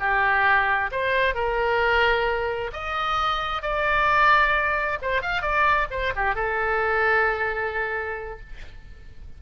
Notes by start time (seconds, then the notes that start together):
0.00 G4
0.92 C5
1.35 A#4
2.74 D#5
3.63 D5
5.02 C5
5.22 F5
5.42 D5
5.91 C5
6.16 G4
6.36 A4